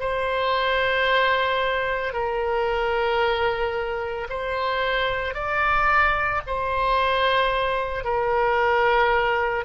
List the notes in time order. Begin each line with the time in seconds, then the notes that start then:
0.00 C5
2.13 A#4
4.30 C5
5.34 D5
6.47 C5
8.04 A#4